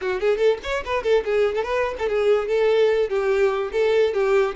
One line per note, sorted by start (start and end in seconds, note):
0.01 0.20 F#4
0.20 0.37 G#4
0.37 0.58 A4
0.63 0.84 C#5
0.85 1.03 B4
1.03 1.23 A4
1.24 1.55 G#4
1.55 1.63 A4
1.63 1.94 B4
1.99 2.08 A4
2.08 2.48 G#4
2.48 3.09 A4
3.09 3.71 G4
3.72 4.13 A4
4.13 4.55 G4